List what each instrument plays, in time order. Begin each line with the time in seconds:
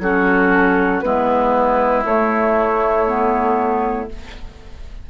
0.00 bassoon F#3, clarinet C#4, oboe F#4, flute A4
1.01 bassoon G#3, clarinet B3, oboe E4, flute B4
2.05 bassoon A3, clarinet A3, flute C#5
3.07 clarinet B3